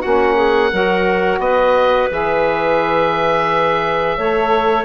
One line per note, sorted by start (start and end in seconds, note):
0.00 0.73 A#3
0.00 0.72 C#4
0.00 0.34 F#4
0.00 1.39 F#5
0.36 0.70 G#4
0.72 1.39 F#3
0.72 2.10 F#4
0.72 1.41 A#4
1.39 2.08 B3
1.39 4.17 B4
1.39 2.09 D#5
2.11 4.18 E3
2.11 4.18 G#4
2.11 4.85 E5
4.17 4.85 A3
4.17 4.85 A4
4.17 4.85 C#5